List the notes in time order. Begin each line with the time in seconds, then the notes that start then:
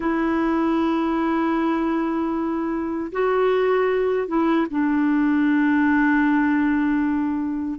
0.00 E4
3.12 F#4
4.27 E4
4.70 D4